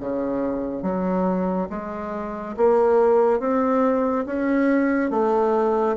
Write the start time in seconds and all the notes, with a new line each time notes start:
0.00 C#3
0.82 F#3
1.69 G#3
2.57 A#3
3.39 C4
4.26 C#4
5.10 A3